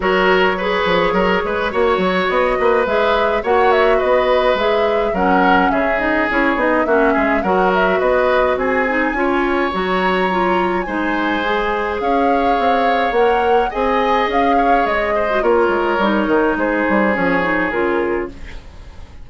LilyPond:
<<
  \new Staff \with { instrumentName = "flute" } { \time 4/4 \tempo 4 = 105 cis''1 | dis''4 e''4 fis''8 e''8 dis''4 | e''4 fis''4 e''8 dis''8 cis''8 dis''8 | e''4 fis''8 e''8 dis''4 gis''4~ |
gis''4 ais''2 gis''4~ | gis''4 f''2 fis''4 | gis''4 f''4 dis''4 cis''4~ | cis''4 c''4 cis''4 ais'4 | }
  \new Staff \with { instrumentName = "oboe" } { \time 4/4 ais'4 b'4 ais'8 b'8 cis''4~ | cis''8 b'4. cis''4 b'4~ | b'4 ais'4 gis'2 | fis'8 gis'8 ais'4 b'4 gis'4 |
cis''2. c''4~ | c''4 cis''2. | dis''4. cis''4 c''8 ais'4~ | ais'4 gis'2. | }
  \new Staff \with { instrumentName = "clarinet" } { \time 4/4 fis'4 gis'2 fis'4~ | fis'4 gis'4 fis'2 | gis'4 cis'4. dis'8 e'8 dis'8 | cis'4 fis'2~ fis'8 dis'8 |
f'4 fis'4 f'4 dis'4 | gis'2. ais'4 | gis'2~ gis'8. fis'16 f'4 | dis'2 cis'8 dis'8 f'4 | }
  \new Staff \with { instrumentName = "bassoon" } { \time 4/4 fis4. f8 fis8 gis8 ais8 fis8 | b8 ais8 gis4 ais4 b4 | gis4 fis4 cis4 cis'8 b8 | ais8 gis8 fis4 b4 c'4 |
cis'4 fis2 gis4~ | gis4 cis'4 c'4 ais4 | c'4 cis'4 gis4 ais8 gis8 | g8 dis8 gis8 g8 f4 cis4 | }
>>